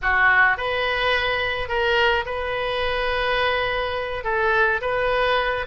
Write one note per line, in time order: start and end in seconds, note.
0.02 0.57 F#4
0.57 1.68 B4
1.68 2.25 A#4
2.25 4.23 B4
4.24 4.80 A4
4.81 5.66 B4